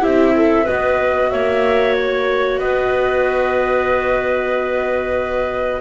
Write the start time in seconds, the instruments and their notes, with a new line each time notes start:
0.00 double bass C4, viola E4, clarinet G4, flute E5
0.35 clarinet A4
0.64 double bass B3, viola F#4, clarinet B4, flute D#5
1.30 double bass A#3, clarinet C#5, flute E5
1.95 flute C#5
2.58 double bass B3, clarinet B4, flute D#5